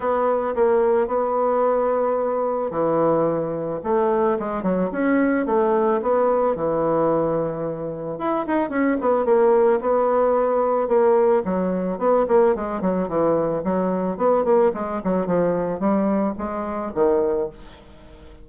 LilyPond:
\new Staff \with { instrumentName = "bassoon" } { \time 4/4 \tempo 4 = 110 b4 ais4 b2~ | b4 e2 a4 | gis8 fis8 cis'4 a4 b4 | e2. e'8 dis'8 |
cis'8 b8 ais4 b2 | ais4 fis4 b8 ais8 gis8 fis8 | e4 fis4 b8 ais8 gis8 fis8 | f4 g4 gis4 dis4 | }